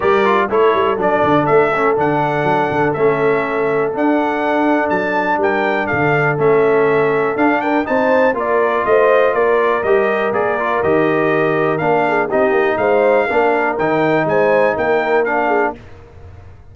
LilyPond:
<<
  \new Staff \with { instrumentName = "trumpet" } { \time 4/4 \tempo 4 = 122 d''4 cis''4 d''4 e''4 | fis''2 e''2 | fis''2 a''4 g''4 | f''4 e''2 f''8 g''8 |
a''4 d''4 dis''4 d''4 | dis''4 d''4 dis''2 | f''4 dis''4 f''2 | g''4 gis''4 g''4 f''4 | }
  \new Staff \with { instrumentName = "horn" } { \time 4/4 ais'4 a'2.~ | a'1~ | a'2. ais'4 | a'2.~ a'8 ais'8 |
c''4 ais'4 c''4 ais'4~ | ais'1~ | ais'8 gis'8 g'4 c''4 ais'4~ | ais'4 c''4 ais'4. gis'8 | }
  \new Staff \with { instrumentName = "trombone" } { \time 4/4 g'8 f'8 e'4 d'4. cis'8 | d'2 cis'2 | d'1~ | d'4 cis'2 d'4 |
dis'4 f'2. | g'4 gis'8 f'8 g'2 | d'4 dis'2 d'4 | dis'2. d'4 | }
  \new Staff \with { instrumentName = "tuba" } { \time 4/4 g4 a8 g8 fis8 d8 a4 | d4 fis8 d8 a2 | d'2 fis4 g4 | d4 a2 d'4 |
c'4 ais4 a4 ais4 | g4 ais4 dis2 | ais4 c'8 ais8 gis4 ais4 | dis4 gis4 ais2 | }
>>